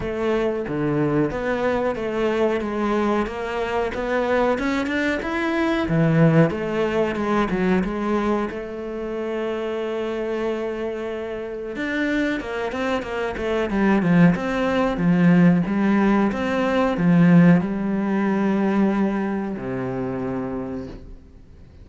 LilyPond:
\new Staff \with { instrumentName = "cello" } { \time 4/4 \tempo 4 = 92 a4 d4 b4 a4 | gis4 ais4 b4 cis'8 d'8 | e'4 e4 a4 gis8 fis8 | gis4 a2.~ |
a2 d'4 ais8 c'8 | ais8 a8 g8 f8 c'4 f4 | g4 c'4 f4 g4~ | g2 c2 | }